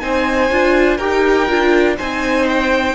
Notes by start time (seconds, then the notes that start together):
0.00 C4 D#4 C5 G#5
0.51 D4 F4
0.97 D#4 G4 A#4 G5
1.48 D4 F4
1.97 C4 D#4 C5 G#5
2.49 G5